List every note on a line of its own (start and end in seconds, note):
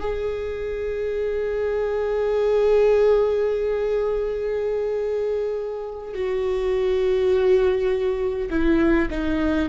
0.00 6.14 G#4
6.14 8.50 F#4
8.50 9.09 E4
9.11 9.70 D#4